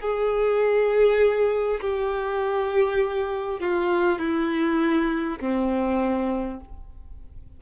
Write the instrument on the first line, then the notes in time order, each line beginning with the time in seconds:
violin
0.00 G#4
1.81 G4
3.60 F4
4.18 E4
5.39 C4